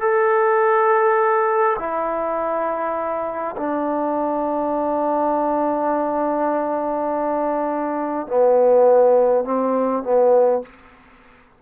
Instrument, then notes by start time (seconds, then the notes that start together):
trombone
0.00 A4
1.79 E4
3.57 D4
8.27 B3
9.44 C4
10.03 B3